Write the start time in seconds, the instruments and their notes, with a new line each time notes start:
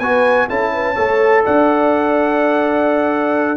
0.00 tuba B3, trombone F#4, horn B4, trumpet G#5
0.49 tuba C#4, trombone E4, horn A4, trumpet A5
0.74 horn B4
0.95 tuba A3, trombone A4, horn C#5
1.45 tuba D4, horn D5, trumpet F#5